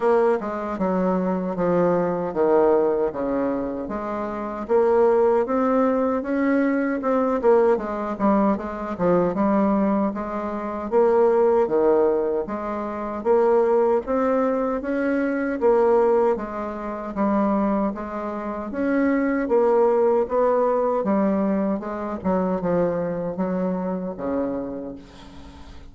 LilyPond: \new Staff \with { instrumentName = "bassoon" } { \time 4/4 \tempo 4 = 77 ais8 gis8 fis4 f4 dis4 | cis4 gis4 ais4 c'4 | cis'4 c'8 ais8 gis8 g8 gis8 f8 | g4 gis4 ais4 dis4 |
gis4 ais4 c'4 cis'4 | ais4 gis4 g4 gis4 | cis'4 ais4 b4 g4 | gis8 fis8 f4 fis4 cis4 | }